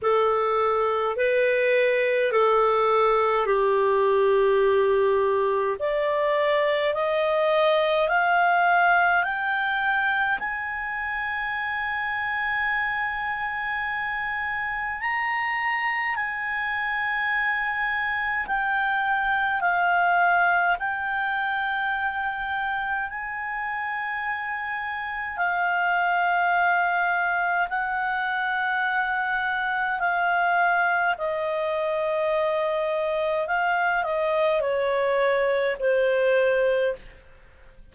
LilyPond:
\new Staff \with { instrumentName = "clarinet" } { \time 4/4 \tempo 4 = 52 a'4 b'4 a'4 g'4~ | g'4 d''4 dis''4 f''4 | g''4 gis''2.~ | gis''4 ais''4 gis''2 |
g''4 f''4 g''2 | gis''2 f''2 | fis''2 f''4 dis''4~ | dis''4 f''8 dis''8 cis''4 c''4 | }